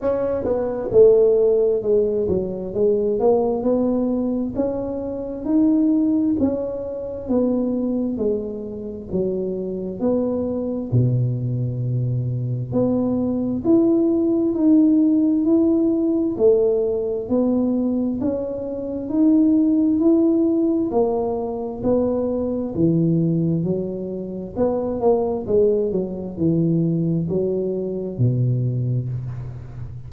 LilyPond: \new Staff \with { instrumentName = "tuba" } { \time 4/4 \tempo 4 = 66 cis'8 b8 a4 gis8 fis8 gis8 ais8 | b4 cis'4 dis'4 cis'4 | b4 gis4 fis4 b4 | b,2 b4 e'4 |
dis'4 e'4 a4 b4 | cis'4 dis'4 e'4 ais4 | b4 e4 fis4 b8 ais8 | gis8 fis8 e4 fis4 b,4 | }